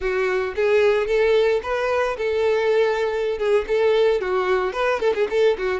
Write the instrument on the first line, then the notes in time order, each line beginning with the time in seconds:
violin
0.00 F#4
0.55 G#4
1.07 A4
1.62 B4
2.17 A4
3.38 G#4
3.67 A4
4.20 F#4
4.72 B4
5.00 A4
5.14 G#4
5.30 A4
5.57 F#4